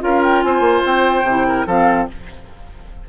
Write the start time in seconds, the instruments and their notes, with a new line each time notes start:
0.00 bassoon C#4, clarinet F4, oboe A#4, flute F5
0.23 flute G5
0.42 bassoon C4, oboe C5, flute G#5
0.61 bassoon A#3
0.86 bassoon C4, flute G5
1.24 bassoon C3, clarinet E4
1.48 oboe A#4
1.67 bassoon F3, clarinet C4, oboe A4, flute F5